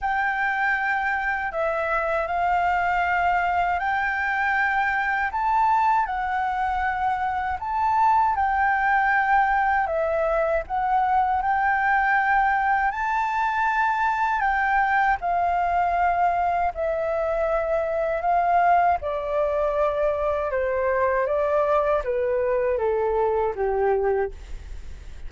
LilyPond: \new Staff \with { instrumentName = "flute" } { \time 4/4 \tempo 4 = 79 g''2 e''4 f''4~ | f''4 g''2 a''4 | fis''2 a''4 g''4~ | g''4 e''4 fis''4 g''4~ |
g''4 a''2 g''4 | f''2 e''2 | f''4 d''2 c''4 | d''4 b'4 a'4 g'4 | }